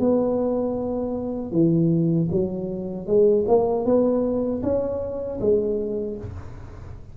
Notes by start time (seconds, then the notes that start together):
0.00 B3
1.52 E3
2.32 F#3
3.07 G#3
3.48 A#3
3.86 B3
4.63 C#4
5.41 G#3